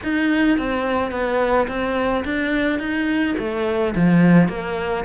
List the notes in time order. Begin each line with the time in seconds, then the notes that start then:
0.03 D#4
0.58 C4
1.11 B3
1.67 C4
2.24 D4
2.79 D#4
3.38 A3
3.95 F3
4.48 A#3